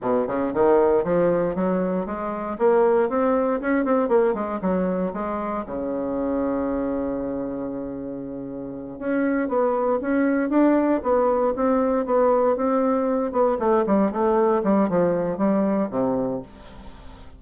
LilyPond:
\new Staff \with { instrumentName = "bassoon" } { \time 4/4 \tempo 4 = 117 b,8 cis8 dis4 f4 fis4 | gis4 ais4 c'4 cis'8 c'8 | ais8 gis8 fis4 gis4 cis4~ | cis1~ |
cis4. cis'4 b4 cis'8~ | cis'8 d'4 b4 c'4 b8~ | b8 c'4. b8 a8 g8 a8~ | a8 g8 f4 g4 c4 | }